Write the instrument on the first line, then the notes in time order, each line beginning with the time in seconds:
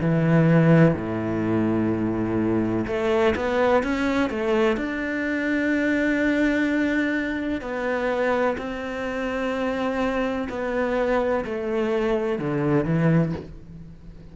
cello
0.00 E3
0.95 A2
2.87 A3
3.35 B3
3.83 C#4
4.30 A3
4.77 D4
7.61 B3
8.57 C4
10.49 B3
11.45 A3
12.39 D3
12.84 E3